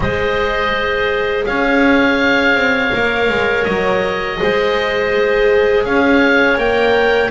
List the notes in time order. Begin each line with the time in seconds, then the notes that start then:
0.00 G#3 G#4 C5 D#5
1.45 C#4 C#5 F5
2.54 C4
2.91 A#3 A#4
3.29 G#3
3.64 F#3 D#5
4.37 G#3 G#4 C5
5.84 C#4 C#5 F5
6.57 A#3 A#4 G5